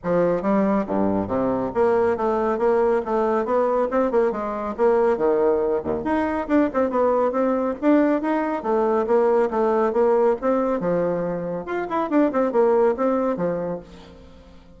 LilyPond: \new Staff \with { instrumentName = "bassoon" } { \time 4/4 \tempo 4 = 139 f4 g4 g,4 c4 | ais4 a4 ais4 a4 | b4 c'8 ais8 gis4 ais4 | dis4. dis,8 dis'4 d'8 c'8 |
b4 c'4 d'4 dis'4 | a4 ais4 a4 ais4 | c'4 f2 f'8 e'8 | d'8 c'8 ais4 c'4 f4 | }